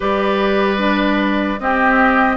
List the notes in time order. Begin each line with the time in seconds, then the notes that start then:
0.00 G3 G4 B4 D5
0.78 D4
1.59 C4 G4 D#5